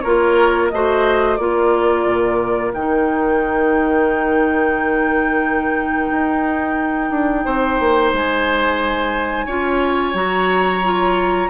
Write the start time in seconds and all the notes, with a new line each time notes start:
0.00 A#3 F4 A#4 C#5
0.69 A3 F#4 C5 D#5
1.36 A#3 F4 A#4 D5
2.05 A#2
2.73 D#3 D#4 G5
6.11 D#4
7.10 D4
7.45 C4 C5
7.79 A#3
8.12 G#3 G#5
9.46 C#4 F4 C#5
10.13 F#3 F#4 A#5
10.84 F4